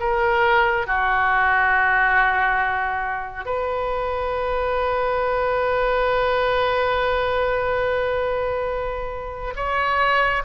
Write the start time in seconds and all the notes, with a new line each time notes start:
0.00 A#4
0.87 F#4
3.45 B4
9.56 C#5